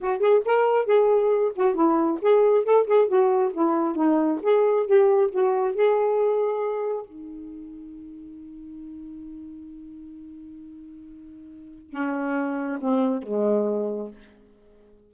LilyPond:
\new Staff \with { instrumentName = "saxophone" } { \time 4/4 \tempo 4 = 136 fis'8 gis'8 ais'4 gis'4. fis'8 | e'4 gis'4 a'8 gis'8 fis'4 | e'4 dis'4 gis'4 g'4 | fis'4 gis'2. |
dis'1~ | dis'1~ | dis'2. cis'4~ | cis'4 c'4 gis2 | }